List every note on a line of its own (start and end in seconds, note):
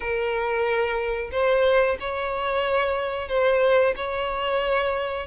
0.00 1.30 A#4
1.31 1.97 C5
2.00 3.28 C#5
3.28 3.94 C5
3.96 5.26 C#5